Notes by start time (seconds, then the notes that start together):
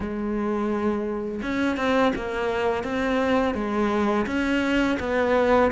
0.00 G#3
1.42 C#4
1.77 C4
2.15 A#3
2.83 C4
3.54 G#3
4.26 C#4
4.99 B3